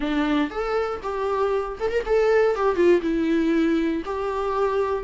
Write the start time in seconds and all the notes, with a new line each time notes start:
0.00 D4
0.50 A4
1.02 G4
1.79 A4
1.90 A#4
2.05 A4
2.55 G4
2.75 F4
3.01 E4
4.05 G4